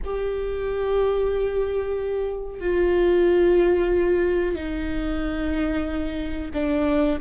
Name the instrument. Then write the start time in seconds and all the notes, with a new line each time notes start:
viola
0.04 G4
2.60 F4
4.55 D#4
6.53 D4